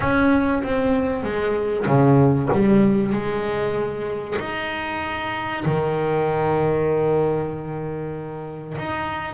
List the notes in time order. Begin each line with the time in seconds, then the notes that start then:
0.00 C#4
0.62 C4
1.23 G#3
1.86 C#3
2.52 G3
3.12 G#3
4.38 D#4
5.65 D#3
8.78 D#4